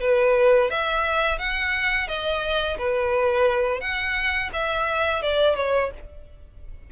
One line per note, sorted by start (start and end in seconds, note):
0.00 0.70 B4
0.70 1.38 E5
1.38 2.08 F#5
2.08 2.77 D#5
2.78 3.81 B4
3.81 4.50 F#5
4.53 5.22 E5
5.22 5.56 D5
5.56 5.90 C#5